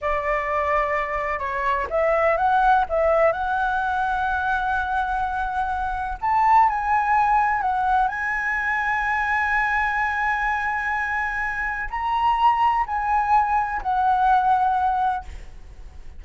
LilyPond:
\new Staff \with { instrumentName = "flute" } { \time 4/4 \tempo 4 = 126 d''2. cis''4 | e''4 fis''4 e''4 fis''4~ | fis''1~ | fis''4 a''4 gis''2 |
fis''4 gis''2.~ | gis''1~ | gis''4 ais''2 gis''4~ | gis''4 fis''2. | }